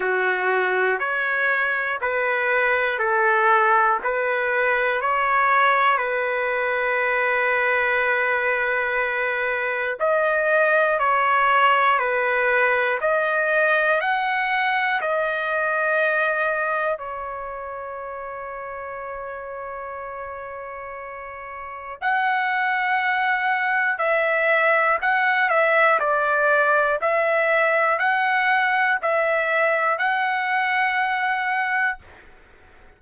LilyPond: \new Staff \with { instrumentName = "trumpet" } { \time 4/4 \tempo 4 = 60 fis'4 cis''4 b'4 a'4 | b'4 cis''4 b'2~ | b'2 dis''4 cis''4 | b'4 dis''4 fis''4 dis''4~ |
dis''4 cis''2.~ | cis''2 fis''2 | e''4 fis''8 e''8 d''4 e''4 | fis''4 e''4 fis''2 | }